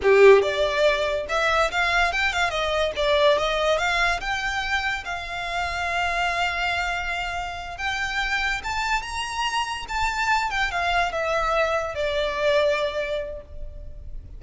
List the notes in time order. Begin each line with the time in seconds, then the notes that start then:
0.02 G4
0.42 D5
1.29 E5
1.71 F5
2.12 G5
2.32 F5
2.50 D#5
2.96 D5
3.38 D#5
3.78 F5
4.20 G5
5.04 F5
7.77 G5
8.63 A5
9.02 A#5
9.88 A5
10.50 G5
10.71 F5
11.12 E5
11.94 D5